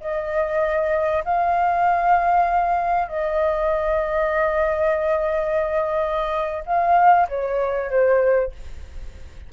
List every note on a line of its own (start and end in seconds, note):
0.00 1.24 D#5
1.24 3.08 F5
3.08 6.64 D#5
6.66 7.27 F5
7.28 7.90 C#5
7.90 8.52 C5